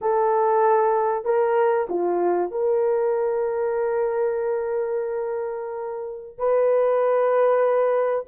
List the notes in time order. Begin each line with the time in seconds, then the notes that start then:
0.01 A4
1.24 A#4
1.89 F4
2.51 A#4
6.38 B4